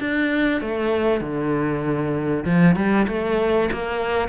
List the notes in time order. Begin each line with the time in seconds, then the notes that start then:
0.00 D4
0.61 A3
1.21 D3
2.45 F3
2.76 G3
3.08 A3
3.72 A#3